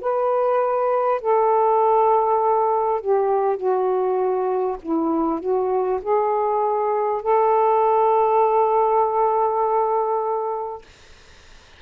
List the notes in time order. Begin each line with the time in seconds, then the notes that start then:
0.00 B4
1.21 A4
3.01 G4
3.57 F#4
4.82 E4
5.40 F#4
6.02 G#4
7.22 A4